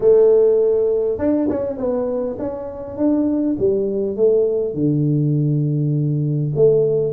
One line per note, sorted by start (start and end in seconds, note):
0.00 1.18 A3
1.18 1.48 D4
1.49 1.77 C#4
1.77 2.36 B3
2.38 2.97 C#4
2.97 3.56 D4
3.58 4.16 G3
4.16 4.74 A3
4.74 6.52 D3
6.55 7.12 A3